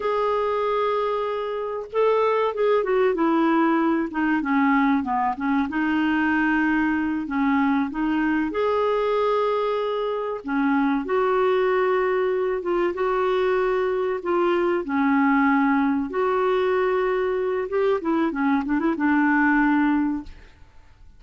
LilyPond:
\new Staff \with { instrumentName = "clarinet" } { \time 4/4 \tempo 4 = 95 gis'2. a'4 | gis'8 fis'8 e'4. dis'8 cis'4 | b8 cis'8 dis'2~ dis'8 cis'8~ | cis'8 dis'4 gis'2~ gis'8~ |
gis'8 cis'4 fis'2~ fis'8 | f'8 fis'2 f'4 cis'8~ | cis'4. fis'2~ fis'8 | g'8 e'8 cis'8 d'16 e'16 d'2 | }